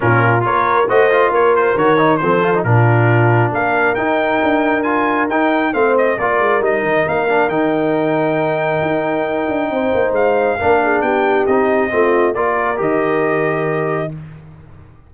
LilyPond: <<
  \new Staff \with { instrumentName = "trumpet" } { \time 4/4 \tempo 4 = 136 ais'4 cis''4 dis''4 cis''8 c''8 | cis''4 c''4 ais'2 | f''4 g''2 gis''4 | g''4 f''8 dis''8 d''4 dis''4 |
f''4 g''2.~ | g''2. f''4~ | f''4 g''4 dis''2 | d''4 dis''2. | }
  \new Staff \with { instrumentName = "horn" } { \time 4/4 f'4 ais'4 c''4 ais'4~ | ais'4 a'4 f'2 | ais'1~ | ais'4 c''4 ais'2~ |
ais'1~ | ais'2 c''2 | ais'8 gis'8 g'2 f'4 | ais'1 | }
  \new Staff \with { instrumentName = "trombone" } { \time 4/4 cis'4 f'4 fis'8 f'4. | fis'8 dis'8 c'8 f'16 dis'16 d'2~ | d'4 dis'2 f'4 | dis'4 c'4 f'4 dis'4~ |
dis'8 d'8 dis'2.~ | dis'1 | d'2 dis'4 c'4 | f'4 g'2. | }
  \new Staff \with { instrumentName = "tuba" } { \time 4/4 ais,4 ais4 a4 ais4 | dis4 f4 ais,2 | ais4 dis'4 d'2 | dis'4 a4 ais8 gis8 g8 dis8 |
ais4 dis2. | dis'4. d'8 c'8 ais8 gis4 | ais4 b4 c'4 a4 | ais4 dis2. | }
>>